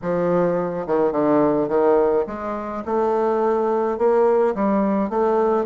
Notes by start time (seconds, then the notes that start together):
0.02 F3
0.86 D#3
1.11 D3
1.68 D#3
2.26 G#3
2.85 A3
3.98 A#3
4.54 G3
5.09 A3